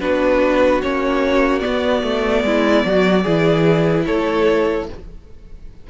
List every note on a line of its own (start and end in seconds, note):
0.00 0.81 B3
0.00 0.81 D4
0.00 2.44 F#4
0.00 0.81 B4
0.82 1.63 A#3
0.82 1.60 C#4
0.82 1.59 C#5
1.59 3.22 B3
1.59 2.03 B3
1.59 4.02 D5
2.03 2.43 A3
2.43 2.84 G#3
2.43 2.86 E4
2.84 3.25 F#3
2.84 3.23 F#4
3.23 4.07 E3
3.23 4.89 E4
3.23 4.04 G#4
4.05 4.89 A3
4.05 4.87 A4
4.05 4.86 C#5